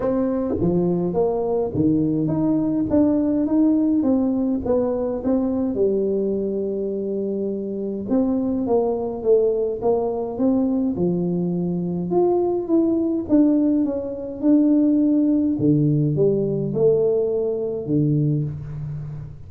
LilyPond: \new Staff \with { instrumentName = "tuba" } { \time 4/4 \tempo 4 = 104 c'4 f4 ais4 dis4 | dis'4 d'4 dis'4 c'4 | b4 c'4 g2~ | g2 c'4 ais4 |
a4 ais4 c'4 f4~ | f4 f'4 e'4 d'4 | cis'4 d'2 d4 | g4 a2 d4 | }